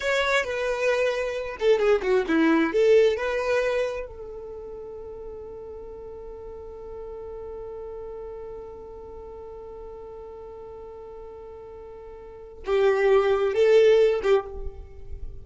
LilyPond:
\new Staff \with { instrumentName = "violin" } { \time 4/4 \tempo 4 = 133 cis''4 b'2~ b'8 a'8 | gis'8 fis'8 e'4 a'4 b'4~ | b'4 a'2.~ | a'1~ |
a'1~ | a'1~ | a'1 | g'2 a'4. g'8 | }